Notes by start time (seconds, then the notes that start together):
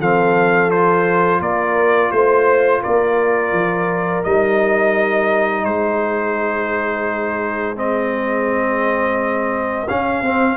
0.00 F3 C4 A4 F5
0.71 F4 C5
1.40 A#3 A#4 D5
2.12 A3 C5
2.83 A#3 A#4 D5
3.52 F3
4.24 G3 D#4 D#5
5.65 G#3 G#4 C5
7.76 C4 D#5
9.88 C#4 F5
10.22 C4